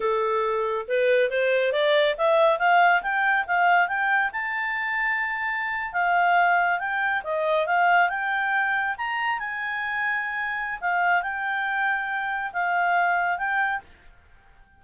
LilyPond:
\new Staff \with { instrumentName = "clarinet" } { \time 4/4 \tempo 4 = 139 a'2 b'4 c''4 | d''4 e''4 f''4 g''4 | f''4 g''4 a''2~ | a''4.~ a''16 f''2 g''16~ |
g''8. dis''4 f''4 g''4~ g''16~ | g''8. ais''4 gis''2~ gis''16~ | gis''4 f''4 g''2~ | g''4 f''2 g''4 | }